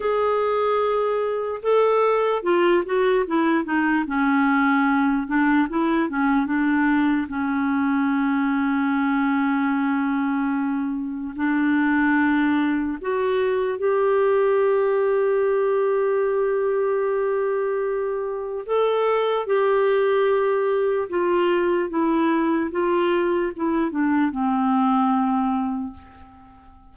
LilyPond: \new Staff \with { instrumentName = "clarinet" } { \time 4/4 \tempo 4 = 74 gis'2 a'4 f'8 fis'8 | e'8 dis'8 cis'4. d'8 e'8 cis'8 | d'4 cis'2.~ | cis'2 d'2 |
fis'4 g'2.~ | g'2. a'4 | g'2 f'4 e'4 | f'4 e'8 d'8 c'2 | }